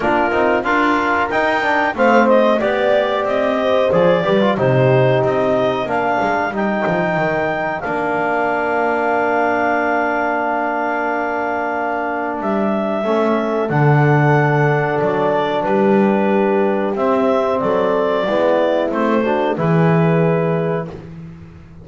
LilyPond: <<
  \new Staff \with { instrumentName = "clarinet" } { \time 4/4 \tempo 4 = 92 ais'4 f''4 g''4 f''8 dis''8 | d''4 dis''4 d''4 c''4 | dis''4 f''4 g''2 | f''1~ |
f''2. e''4~ | e''4 fis''2 d''4 | b'2 e''4 d''4~ | d''4 c''4 b'2 | }
  \new Staff \with { instrumentName = "horn" } { \time 4/4 f'4 ais'2 c''4 | d''4. c''4 b'8 g'4~ | g'4 ais'2.~ | ais'1~ |
ais'1 | a'1 | g'2. a'4 | e'4. fis'8 gis'2 | }
  \new Staff \with { instrumentName = "trombone" } { \time 4/4 d'8 dis'8 f'4 dis'8 d'8 c'4 | g'2 gis'8 g'16 f'16 dis'4~ | dis'4 d'4 dis'2 | d'1~ |
d'1 | cis'4 d'2.~ | d'2 c'2 | b4 c'8 d'8 e'2 | }
  \new Staff \with { instrumentName = "double bass" } { \time 4/4 ais8 c'8 d'4 dis'4 a4 | b4 c'4 f8 g8 c4 | c'4 ais8 gis8 g8 f8 dis4 | ais1~ |
ais2. g4 | a4 d2 fis4 | g2 c'4 fis4 | gis4 a4 e2 | }
>>